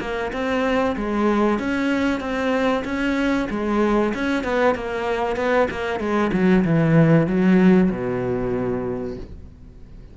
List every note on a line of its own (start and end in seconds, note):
0.00 0.32 A#3
0.33 0.96 C4
0.96 1.59 G#3
1.59 2.20 C#4
2.20 2.83 C4
2.84 3.48 C#4
3.50 4.13 G#3
4.14 4.44 C#4
4.44 4.75 B3
4.75 5.36 A#3
5.36 5.68 B3
5.70 5.99 A#3
5.99 6.31 G#3
6.33 6.64 F#3
6.64 7.27 E3
7.27 7.90 F#3
7.91 9.17 B2